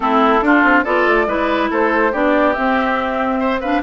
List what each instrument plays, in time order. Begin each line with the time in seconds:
0.00 bassoon A3, clarinet C4, oboe E4, flute A4
0.41 bassoon D4, clarinet D4, oboe F4
0.63 bassoon C4
0.83 bassoon B3, clarinet F4, oboe A4, flute D5
1.07 bassoon A3
1.27 bassoon G#3, clarinet E4, oboe B4
1.70 bassoon A3, oboe A4, flute C5
2.11 bassoon B3, clarinet D4, oboe G4, flute D5
2.52 clarinet C4, bassoon C4, flute E5
3.39 oboe C5
3.60 clarinet D4, oboe B4, flute F5